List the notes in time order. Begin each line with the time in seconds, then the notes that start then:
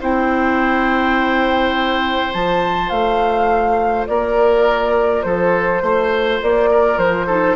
0.00 C4 E4 C5 G5
2.33 F3 F4 A5
2.89 A3 F5
4.06 A#3 A#4 D5
5.22 F3 A4 C5
5.82 A3 C5
6.42 A#3 D5
6.71 A#4
6.97 F3 C5
7.26 D#4 A4